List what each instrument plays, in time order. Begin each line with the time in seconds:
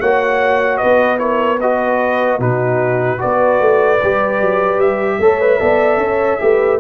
0.00 tuba A#3, trombone F#4, horn C#5, trumpet F#5
0.78 horn B4, trumpet D#5
0.84 tuba B3
1.18 trombone E4, horn A#4, trumpet C#5
1.61 trombone F#4, horn B4, trumpet D#5
2.39 tuba B2, trombone D#4, horn F#4, trumpet B4
3.18 tuba B3, trombone F#4, horn B4, trumpet D5
3.60 tuba A3
4.03 tuba G3, trombone G4
4.41 tuba F#3
4.78 tuba G3, trumpet E5
5.19 tuba A3, trombone A4, horn C#5
5.41 trombone B4
5.60 tuba B3, trombone A4, horn D5
5.97 tuba C#4, horn C#5
6.39 tuba A3, trombone G4, horn B4